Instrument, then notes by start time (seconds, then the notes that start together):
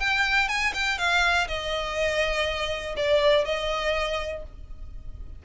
violin
0.00 G5
0.49 G#5
0.74 G5
0.99 F5
1.48 D#5
2.97 D5
3.45 D#5